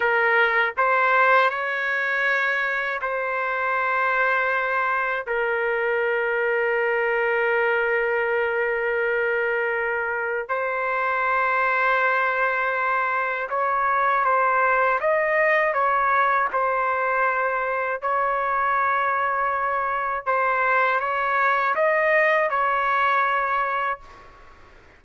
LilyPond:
\new Staff \with { instrumentName = "trumpet" } { \time 4/4 \tempo 4 = 80 ais'4 c''4 cis''2 | c''2. ais'4~ | ais'1~ | ais'2 c''2~ |
c''2 cis''4 c''4 | dis''4 cis''4 c''2 | cis''2. c''4 | cis''4 dis''4 cis''2 | }